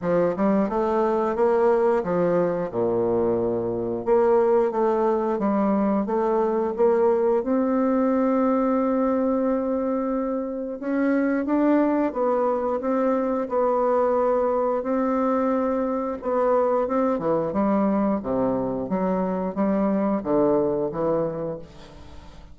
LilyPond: \new Staff \with { instrumentName = "bassoon" } { \time 4/4 \tempo 4 = 89 f8 g8 a4 ais4 f4 | ais,2 ais4 a4 | g4 a4 ais4 c'4~ | c'1 |
cis'4 d'4 b4 c'4 | b2 c'2 | b4 c'8 e8 g4 c4 | fis4 g4 d4 e4 | }